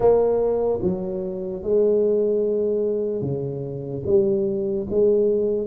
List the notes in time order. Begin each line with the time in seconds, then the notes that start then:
0.00 A#3
0.81 F#3
1.62 G#3
3.21 C#3
4.05 G3
4.89 G#3